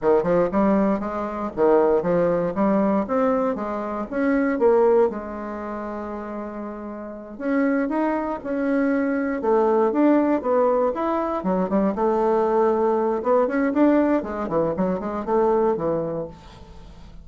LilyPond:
\new Staff \with { instrumentName = "bassoon" } { \time 4/4 \tempo 4 = 118 dis8 f8 g4 gis4 dis4 | f4 g4 c'4 gis4 | cis'4 ais4 gis2~ | gis2~ gis8 cis'4 dis'8~ |
dis'8 cis'2 a4 d'8~ | d'8 b4 e'4 fis8 g8 a8~ | a2 b8 cis'8 d'4 | gis8 e8 fis8 gis8 a4 e4 | }